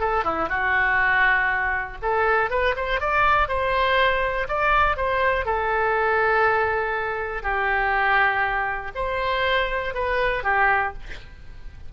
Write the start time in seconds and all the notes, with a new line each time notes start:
0.00 A4
0.24 E4
0.49 F#4
2.02 A4
2.50 B4
2.76 C5
3.00 D5
3.48 C5
4.48 D5
4.97 C5
5.46 A4
7.43 G4
8.95 C5
9.94 B4
10.43 G4